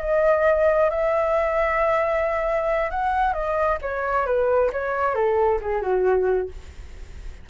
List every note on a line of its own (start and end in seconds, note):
0.00 0.90 D#5
0.90 2.90 E5
2.90 3.33 F#5
3.33 3.78 D#5
3.81 4.26 C#5
4.26 4.71 B4
4.72 5.15 C#5
5.15 5.59 A4
5.61 5.81 G#4
5.81 6.48 F#4